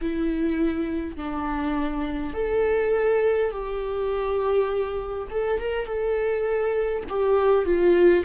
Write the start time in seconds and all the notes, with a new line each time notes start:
0.01 E4
1.16 D4
2.33 A4
3.51 G4
5.30 A4
5.59 A#4
5.85 A4
7.09 G4
7.65 F4